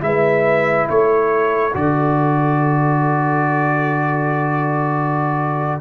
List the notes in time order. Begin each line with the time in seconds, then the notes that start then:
0.00 G#3 E4 B4 E5
0.89 A3 A4 C#5
1.74 D3 F#4 D5